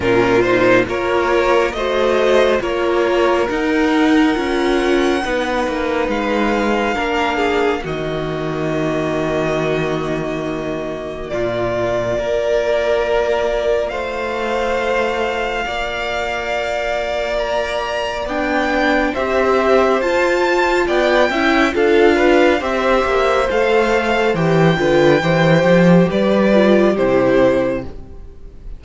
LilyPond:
<<
  \new Staff \with { instrumentName = "violin" } { \time 4/4 \tempo 4 = 69 ais'8 c''8 cis''4 dis''4 cis''4 | fis''2. f''4~ | f''4 dis''2.~ | dis''4 d''2. |
f''1 | ais''4 g''4 e''4 a''4 | g''4 f''4 e''4 f''4 | g''2 d''4 c''4 | }
  \new Staff \with { instrumentName = "violin" } { \time 4/4 f'4 ais'4 c''4 ais'4~ | ais'2 b'2 | ais'8 gis'8 fis'2.~ | fis'4 f'4 ais'2 |
c''2 d''2~ | d''2 c''2 | d''8 e''8 a'8 b'8 c''2~ | c''8 b'8 c''4 b'4 g'4 | }
  \new Staff \with { instrumentName = "viola" } { \time 4/4 cis'8 dis'8 f'4 fis'4 f'4 | dis'4 f'4 dis'2 | d'4 ais2.~ | ais2 f'2~ |
f'1~ | f'4 d'4 g'4 f'4~ | f'8 e'8 f'4 g'4 a'4 | g'8 f'8 g'4. f'8 e'4 | }
  \new Staff \with { instrumentName = "cello" } { \time 4/4 ais,4 ais4 a4 ais4 | dis'4 cis'4 b8 ais8 gis4 | ais4 dis2.~ | dis4 ais,4 ais2 |
a2 ais2~ | ais4 b4 c'4 f'4 | b8 cis'8 d'4 c'8 ais8 a4 | e8 d8 e8 f8 g4 c4 | }
>>